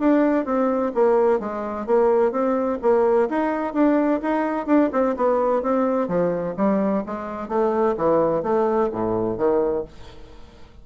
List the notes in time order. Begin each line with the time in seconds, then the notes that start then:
0.00 D4
0.45 C4
0.95 A#3
1.40 G#3
1.87 A#3
2.32 C4
2.82 A#3
3.30 D#4
3.74 D4
4.22 D#4
4.67 D4
4.92 C4
5.16 B3
5.62 C4
6.08 F3
6.57 G3
7.06 G#3
7.49 A3
7.98 E3
8.43 A3
8.93 A2
9.38 D#3